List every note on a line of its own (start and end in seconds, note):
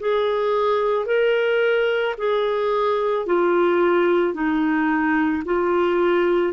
0.00 1.07 G#4
1.07 2.16 A#4
2.18 3.27 G#4
3.27 4.34 F4
4.34 5.43 D#4
5.45 6.54 F4